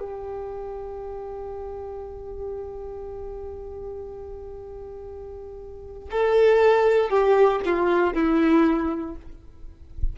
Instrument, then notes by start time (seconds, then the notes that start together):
violin
0.00 G4
6.12 A4
7.10 G4
7.66 F4
8.14 E4